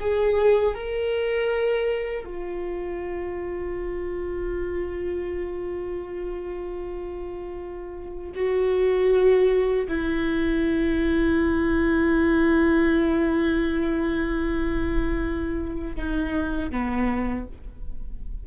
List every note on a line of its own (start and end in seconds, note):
0.00 0.75 G#4
0.75 2.25 A#4
2.25 8.32 F4
8.35 9.87 F#4
9.88 15.96 E4
15.96 16.71 D#4
16.71 17.47 B3